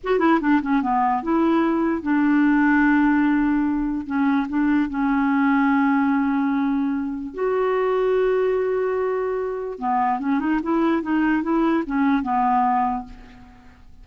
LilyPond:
\new Staff \with { instrumentName = "clarinet" } { \time 4/4 \tempo 4 = 147 fis'8 e'8 d'8 cis'8 b4 e'4~ | e'4 d'2.~ | d'2 cis'4 d'4 | cis'1~ |
cis'2 fis'2~ | fis'1 | b4 cis'8 dis'8 e'4 dis'4 | e'4 cis'4 b2 | }